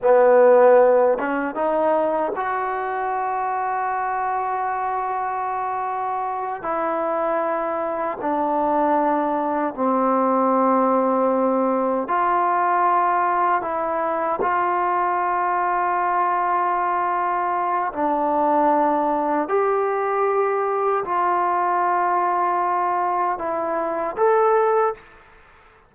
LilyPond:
\new Staff \with { instrumentName = "trombone" } { \time 4/4 \tempo 4 = 77 b4. cis'8 dis'4 fis'4~ | fis'1~ | fis'8 e'2 d'4.~ | d'8 c'2. f'8~ |
f'4. e'4 f'4.~ | f'2. d'4~ | d'4 g'2 f'4~ | f'2 e'4 a'4 | }